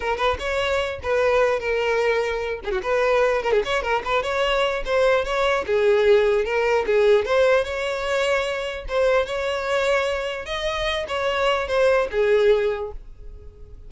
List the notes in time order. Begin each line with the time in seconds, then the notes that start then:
0.00 A#4
0.17 B4
0.39 C#5
1.03 B4
1.59 A#4
2.64 G#4
2.71 F#4
2.82 B4
3.42 A#4
3.52 G#4
3.65 C#5
3.82 A#4
4.05 B4
4.22 C#5
4.85 C5
5.24 C#5
5.66 G#4
6.44 A#4
6.86 G#4
7.25 C5
7.64 C#5
8.88 C5
9.26 C#5
10.45 D#5
11.08 C#5
11.67 C5
12.11 G#4